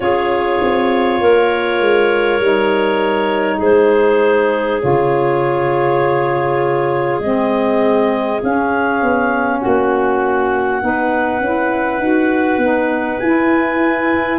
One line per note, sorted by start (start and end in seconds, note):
0.00 0.60 C#4
0.00 2.40 F4
0.00 1.20 G#4
0.00 3.60 C#5
0.62 1.20 C4
1.20 1.80 A#3
1.20 3.57 A#4
1.80 2.39 G#3
2.39 3.59 G3
2.39 4.80 D#4
3.57 4.80 G#3
3.57 9.57 G#4
3.57 4.81 C5
4.80 7.19 C#3
4.80 7.20 F4
4.80 7.20 C#5
7.19 8.39 G#3
7.19 8.41 C4
7.19 8.40 D#5
8.42 10.80 C#4
8.42 9.02 C#4
8.42 9.60 F5
9.02 9.62 B3
9.60 10.81 A#3
9.60 10.81 F#4
9.60 13.19 F#5
10.80 11.39 B3
10.80 11.40 D#4
10.80 14.38 B4
11.39 11.98 C#4
11.39 12.01 E4
11.98 12.57 D#4
11.98 12.60 F#4
12.57 13.17 B3
12.57 13.20 D#4
13.19 14.38 E4
13.19 14.38 G#5